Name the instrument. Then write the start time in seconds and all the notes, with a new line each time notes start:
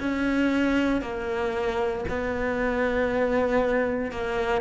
cello
0.00 C#4
1.02 A#3
2.09 B3
4.12 A#3